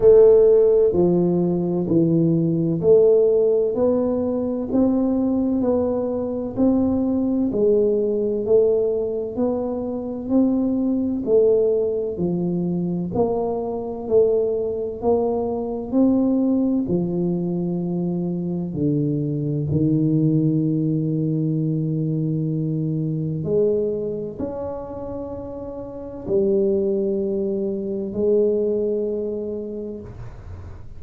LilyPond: \new Staff \with { instrumentName = "tuba" } { \time 4/4 \tempo 4 = 64 a4 f4 e4 a4 | b4 c'4 b4 c'4 | gis4 a4 b4 c'4 | a4 f4 ais4 a4 |
ais4 c'4 f2 | d4 dis2.~ | dis4 gis4 cis'2 | g2 gis2 | }